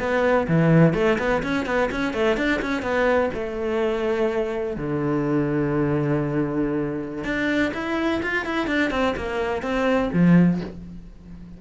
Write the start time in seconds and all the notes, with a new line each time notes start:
0.00 B3
0.48 E3
0.94 A3
1.19 B3
1.44 C#4
1.66 B3
1.92 C#4
2.14 A3
2.37 D4
2.62 C#4
2.82 B3
3.34 A3
4.77 D3
7.25 D4
7.74 E4
8.23 F4
8.46 E4
8.67 D4
8.91 C4
9.17 A#3
9.63 C4
10.14 F3